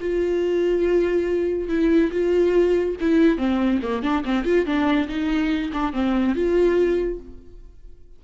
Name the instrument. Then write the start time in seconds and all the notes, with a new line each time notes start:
viola
0.00 F4
1.68 E4
2.11 F4
3.01 E4
3.38 C4
3.83 A#3
4.03 D4
4.25 C4
4.44 F4
4.66 D4
5.08 D#4
5.73 D4
5.93 C4
6.35 F4